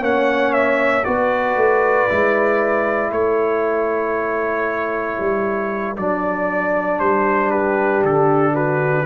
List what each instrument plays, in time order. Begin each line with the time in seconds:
0.00 tuba A#3, trombone C#4, horn C#5, trumpet F#5
0.53 trumpet E5
1.05 tuba B3, trombone F#4, horn B4, trumpet D5
1.56 tuba A3
2.09 tuba G#3, trombone E4
3.11 tuba A3, horn A4, trumpet C#5
5.20 tuba G3
5.97 tuba F#3, trombone D4, trumpet D5
7.00 tuba G3, trumpet C5
7.50 horn G4, trumpet B4
8.03 tuba D3, trumpet A4
8.55 horn F#4, trumpet B4